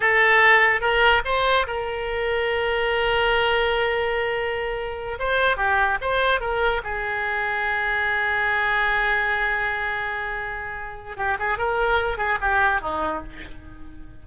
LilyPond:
\new Staff \with { instrumentName = "oboe" } { \time 4/4 \tempo 4 = 145 a'2 ais'4 c''4 | ais'1~ | ais'1~ | ais'8 c''4 g'4 c''4 ais'8~ |
ais'8 gis'2.~ gis'8~ | gis'1~ | gis'2. g'8 gis'8 | ais'4. gis'8 g'4 dis'4 | }